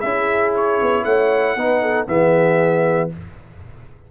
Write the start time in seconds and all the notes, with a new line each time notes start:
0.00 C#4 E4 G#4 E5
0.55 C#5
0.81 B3
1.04 A3 C#5 F#5
1.56 B3 D#4 B4
1.82 A4
2.07 E3 B3 G#4 E5